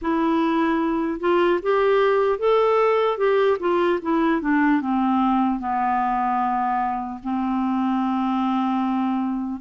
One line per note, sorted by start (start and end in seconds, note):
0.01 1.20 E4
1.20 1.60 F4
1.62 2.38 G4
2.38 3.17 A4
3.17 3.57 G4
3.59 3.99 F4
4.01 4.41 E4
4.41 4.81 D4
4.81 5.59 C4
5.59 7.19 B3
7.23 9.60 C4